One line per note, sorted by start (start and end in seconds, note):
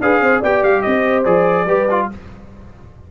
0.00 0.20 D4
0.00 0.43 G#4
0.00 0.22 B4
0.00 0.43 F5
0.20 0.41 C4
0.20 0.40 C5
0.40 0.63 B3
0.40 1.25 G4
0.40 0.81 D5
0.40 0.63 G5
0.63 0.84 G3
0.63 0.82 F5
0.82 1.26 C4
0.82 1.66 C5
0.82 1.23 D#5
1.25 1.66 F3
1.25 1.67 G#4
1.25 2.08 D5
1.66 2.07 G3
1.66 1.89 G4
1.66 2.08 B4
1.90 2.11 F4